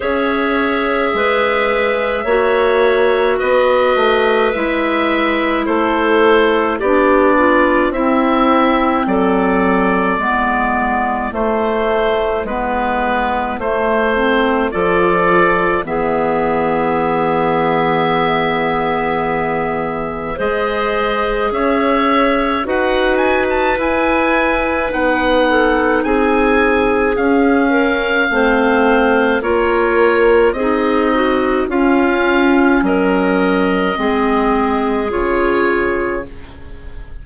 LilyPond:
<<
  \new Staff \with { instrumentName = "oboe" } { \time 4/4 \tempo 4 = 53 e''2. dis''4 | e''4 c''4 d''4 e''4 | d''2 c''4 b'4 | c''4 d''4 e''2~ |
e''2 dis''4 e''4 | fis''8 gis''16 a''16 gis''4 fis''4 gis''4 | f''2 cis''4 dis''4 | f''4 dis''2 cis''4 | }
  \new Staff \with { instrumentName = "clarinet" } { \time 4/4 cis''4 b'4 cis''4 b'4~ | b'4 a'4 g'8 f'8 e'4 | a'4 e'2.~ | e'4 a'4 gis'2~ |
gis'2 c''4 cis''4 | b'2~ b'8 a'8 gis'4~ | gis'8 ais'8 c''4 ais'4 gis'8 fis'8 | f'4 ais'4 gis'2 | }
  \new Staff \with { instrumentName = "clarinet" } { \time 4/4 gis'2 fis'2 | e'2 d'4 c'4~ | c'4 b4 a4 b4 | a8 c'8 f'4 b2~ |
b2 gis'2 | fis'4 e'4 dis'2 | cis'4 c'4 f'4 dis'4 | cis'2 c'4 f'4 | }
  \new Staff \with { instrumentName = "bassoon" } { \time 4/4 cis'4 gis4 ais4 b8 a8 | gis4 a4 b4 c'4 | fis4 gis4 a4 gis4 | a4 f4 e2~ |
e2 gis4 cis'4 | dis'4 e'4 b4 c'4 | cis'4 a4 ais4 c'4 | cis'4 fis4 gis4 cis4 | }
>>